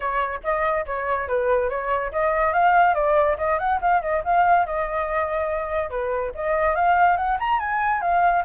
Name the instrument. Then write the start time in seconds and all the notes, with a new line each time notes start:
flute
0.00 C#5
0.43 D#5
0.85 C#5
1.28 B4
1.69 C#5
2.11 D#5
2.53 F5
2.94 D5
3.37 D#5
3.59 F#5
3.81 F5
4.01 D#5
4.24 F5
4.66 D#5
5.89 B4
6.35 D#5
6.75 F5
7.16 F#5
7.39 A#5
7.59 G#5
8.01 F5